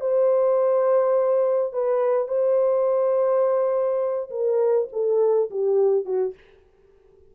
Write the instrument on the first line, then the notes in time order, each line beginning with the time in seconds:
horn
0.00 C5
1.73 B4
2.28 C5
4.30 A#4
4.92 A4
5.50 G4
6.05 F#4